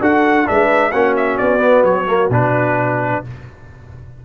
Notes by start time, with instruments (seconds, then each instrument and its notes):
0.00 tuba D4, trombone F#4, horn A4, trumpet F#5
0.45 tuba G#3, trombone D4, horn B4, trumpet E5
0.91 tuba A#3, trombone C#4, horn F#4, trumpet F#5
1.16 trumpet E5
1.37 tuba B3, trumpet D5
1.58 trombone B3
1.83 tuba F#3, trumpet C#5
2.07 trombone A#3
2.30 tuba B2, trombone D4, trumpet B4